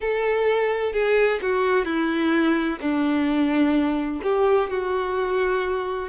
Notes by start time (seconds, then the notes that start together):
0.00 A4
0.92 G#4
1.42 F#4
1.85 E4
2.80 D4
4.23 G4
4.70 F#4